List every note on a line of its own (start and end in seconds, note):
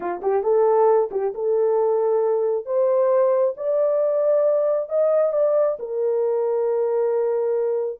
0.00 0.21 F4
0.22 0.43 G4
0.43 1.09 A4
1.11 1.33 G4
1.34 2.65 A4
2.65 3.54 C5
3.57 4.89 D5
4.89 5.33 D#5
5.33 5.77 D5
5.79 7.99 A#4